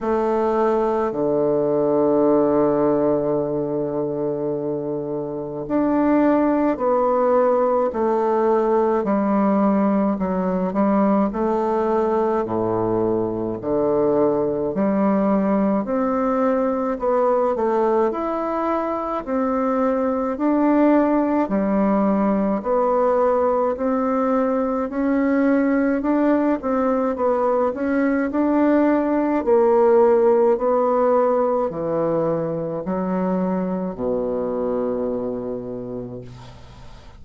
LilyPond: \new Staff \with { instrumentName = "bassoon" } { \time 4/4 \tempo 4 = 53 a4 d2.~ | d4 d'4 b4 a4 | g4 fis8 g8 a4 a,4 | d4 g4 c'4 b8 a8 |
e'4 c'4 d'4 g4 | b4 c'4 cis'4 d'8 c'8 | b8 cis'8 d'4 ais4 b4 | e4 fis4 b,2 | }